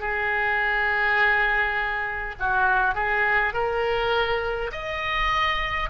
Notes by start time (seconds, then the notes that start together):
0.00 G#4
2.40 F#4
2.95 G#4
3.54 A#4
4.72 D#5